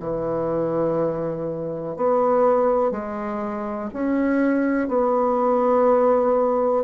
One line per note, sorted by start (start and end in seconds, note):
0.00 1.97 E3
1.97 2.92 B3
2.92 3.90 G#3
3.93 4.88 C#4
4.88 6.85 B3